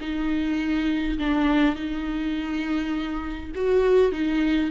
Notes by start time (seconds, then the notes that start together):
0.00 D#4
1.18 D4
1.75 D#4
3.55 F#4
4.11 D#4